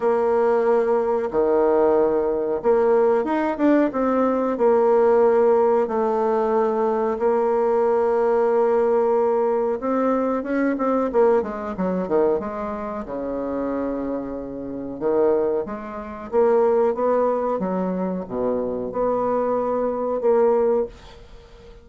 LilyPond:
\new Staff \with { instrumentName = "bassoon" } { \time 4/4 \tempo 4 = 92 ais2 dis2 | ais4 dis'8 d'8 c'4 ais4~ | ais4 a2 ais4~ | ais2. c'4 |
cis'8 c'8 ais8 gis8 fis8 dis8 gis4 | cis2. dis4 | gis4 ais4 b4 fis4 | b,4 b2 ais4 | }